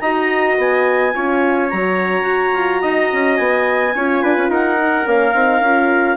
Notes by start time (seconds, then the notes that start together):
0.00 D#4 F#4 D#5 A#5
0.58 B3 G#5
1.14 C#4 F4 C#5
1.70 F#3 F#4 A#5
2.22 F#4
2.54 F4
2.82 D#4 D#5
3.12 C#4
3.36 B3 G#5
3.95 C#4 F4 C#5
4.23 D4 B4
4.37 C#4
4.49 D#4 A#4 F#5
4.79 D#4
5.05 A#3 C#4 F5
5.34 C4 D#4
5.60 C#4 F4